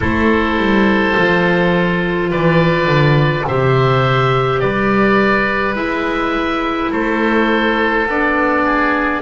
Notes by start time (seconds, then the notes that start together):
0.00 A3 E4 A4 C5
0.57 G3
1.16 F3 F4
2.30 E3 B4 D5
2.86 D3
3.47 C3 G4 C5 E5
4.60 G3 B4 D5
5.74 G#3 E4 E5
6.90 A3 A4 C5
8.06 B3 D4 D5
8.64 G#4